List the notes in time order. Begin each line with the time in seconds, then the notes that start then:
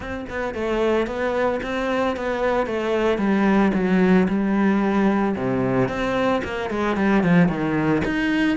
0.00 C4
0.29 B3
0.54 A3
1.06 B3
1.62 C4
2.16 B3
2.66 A3
3.18 G3
3.74 F#3
4.28 G3
5.36 C3
5.88 C4
6.44 A#3
6.70 G#3
6.96 G3
7.23 F3
7.48 D#3
8.05 D#4